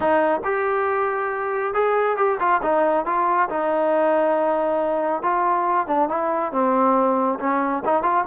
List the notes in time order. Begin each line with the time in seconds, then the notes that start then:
0.00 D#4
0.43 G4
1.74 G#4
2.16 G4
2.39 F4
2.62 D#4
3.05 F4
3.49 D#4
5.22 F4
5.87 D4
6.08 E4
6.52 C4
7.39 C#4
7.84 D#4
8.02 F4